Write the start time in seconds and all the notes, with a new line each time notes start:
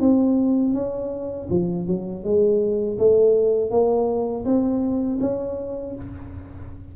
0.00 C4
0.74 C#4
1.50 F3
1.87 F#3
2.24 G#3
2.98 A3
3.71 A#3
4.45 C4
5.21 C#4